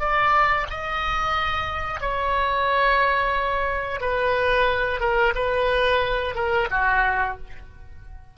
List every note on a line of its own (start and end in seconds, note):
0.00 0.67 D5
0.70 2.01 D#5
2.01 4.01 C#5
4.01 5.00 B4
5.00 5.34 A#4
5.35 6.35 B4
6.35 6.68 A#4
6.71 7.38 F#4